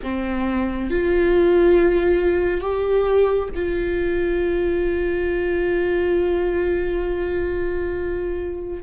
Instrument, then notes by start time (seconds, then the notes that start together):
viola
0.02 C4
0.90 F4
2.60 G4
3.55 F4